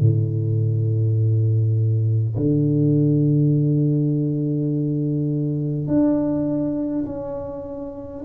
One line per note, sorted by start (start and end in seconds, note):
0.00 2.35 A2
2.36 5.87 D3
5.87 7.05 D4
7.06 8.24 C#4